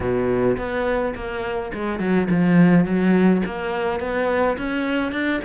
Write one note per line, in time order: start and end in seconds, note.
0.00 0.57 B2
0.57 1.14 B3
1.15 1.72 A#3
1.74 1.99 G#3
1.99 2.28 F#3
2.30 2.85 F3
2.85 3.42 F#3
3.45 3.99 A#3
3.99 4.57 B3
4.57 5.11 C#4
5.11 5.40 D4